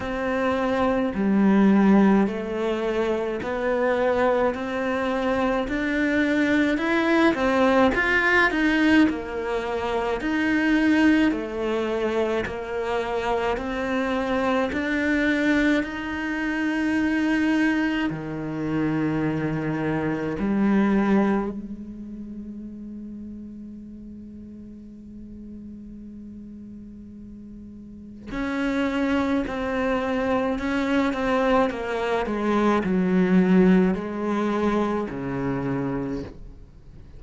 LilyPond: \new Staff \with { instrumentName = "cello" } { \time 4/4 \tempo 4 = 53 c'4 g4 a4 b4 | c'4 d'4 e'8 c'8 f'8 dis'8 | ais4 dis'4 a4 ais4 | c'4 d'4 dis'2 |
dis2 g4 gis4~ | gis1~ | gis4 cis'4 c'4 cis'8 c'8 | ais8 gis8 fis4 gis4 cis4 | }